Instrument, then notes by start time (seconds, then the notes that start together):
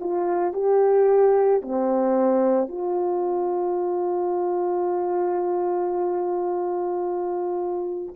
horn
0.00 F4
0.53 G4
1.62 C4
2.68 F4